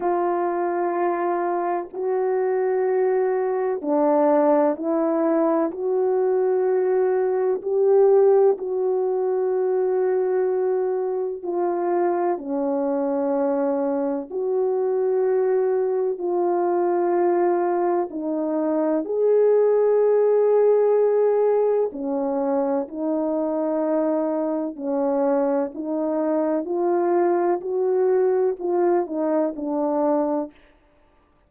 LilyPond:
\new Staff \with { instrumentName = "horn" } { \time 4/4 \tempo 4 = 63 f'2 fis'2 | d'4 e'4 fis'2 | g'4 fis'2. | f'4 cis'2 fis'4~ |
fis'4 f'2 dis'4 | gis'2. cis'4 | dis'2 cis'4 dis'4 | f'4 fis'4 f'8 dis'8 d'4 | }